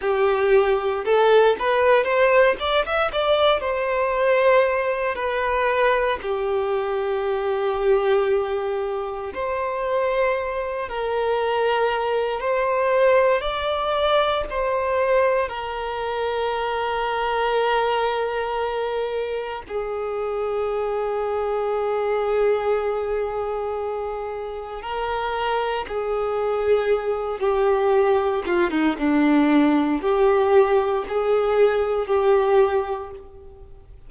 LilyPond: \new Staff \with { instrumentName = "violin" } { \time 4/4 \tempo 4 = 58 g'4 a'8 b'8 c''8 d''16 e''16 d''8 c''8~ | c''4 b'4 g'2~ | g'4 c''4. ais'4. | c''4 d''4 c''4 ais'4~ |
ais'2. gis'4~ | gis'1 | ais'4 gis'4. g'4 f'16 dis'16 | d'4 g'4 gis'4 g'4 | }